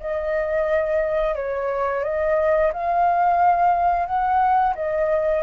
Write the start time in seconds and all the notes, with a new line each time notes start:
0.00 D#5
1.35 C#5
2.04 D#5
2.73 F5
4.06 F#5
4.75 D#5